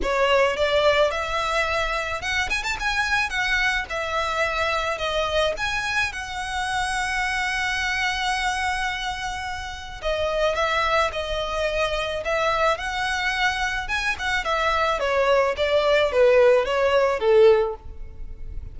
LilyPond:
\new Staff \with { instrumentName = "violin" } { \time 4/4 \tempo 4 = 108 cis''4 d''4 e''2 | fis''8 gis''16 a''16 gis''4 fis''4 e''4~ | e''4 dis''4 gis''4 fis''4~ | fis''1~ |
fis''2 dis''4 e''4 | dis''2 e''4 fis''4~ | fis''4 gis''8 fis''8 e''4 cis''4 | d''4 b'4 cis''4 a'4 | }